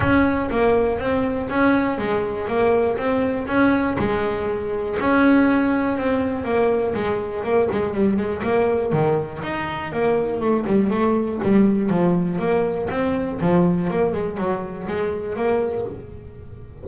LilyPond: \new Staff \with { instrumentName = "double bass" } { \time 4/4 \tempo 4 = 121 cis'4 ais4 c'4 cis'4 | gis4 ais4 c'4 cis'4 | gis2 cis'2 | c'4 ais4 gis4 ais8 gis8 |
g8 gis8 ais4 dis4 dis'4 | ais4 a8 g8 a4 g4 | f4 ais4 c'4 f4 | ais8 gis8 fis4 gis4 ais4 | }